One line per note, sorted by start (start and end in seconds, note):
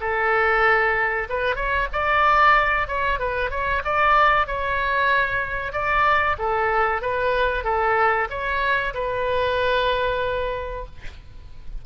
0.00 1.28 A4
1.29 1.55 B4
1.55 1.87 C#5
1.92 2.87 D5
2.87 3.19 C#5
3.19 3.50 B4
3.50 3.82 C#5
3.84 4.46 D5
4.46 5.72 C#5
5.72 6.36 D5
6.38 7.01 A4
7.01 7.64 B4
7.64 8.27 A4
8.29 8.93 C#5
8.94 10.85 B4